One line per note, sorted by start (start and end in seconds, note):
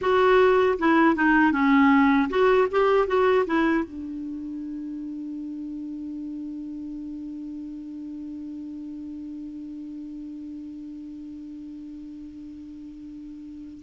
0.01 0.78 F#4
0.79 1.15 E4
1.15 1.51 D#4
1.51 2.28 C#4
2.29 2.67 F#4
2.71 3.07 G4
3.07 3.45 F#4
3.46 3.84 E4
3.84 13.83 D4